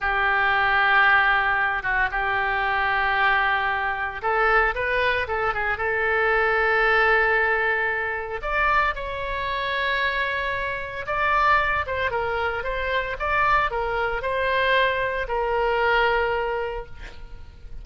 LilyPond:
\new Staff \with { instrumentName = "oboe" } { \time 4/4 \tempo 4 = 114 g'2.~ g'8 fis'8 | g'1 | a'4 b'4 a'8 gis'8 a'4~ | a'1 |
d''4 cis''2.~ | cis''4 d''4. c''8 ais'4 | c''4 d''4 ais'4 c''4~ | c''4 ais'2. | }